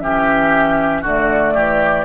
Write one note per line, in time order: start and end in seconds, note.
0.00 1.03 E3
0.00 1.06 C#4
0.00 1.02 G4
0.00 1.03 E5
1.02 1.54 D3
1.02 2.05 A3
1.02 1.54 F#4
1.02 2.05 D5
1.55 2.05 E3
1.55 2.05 G4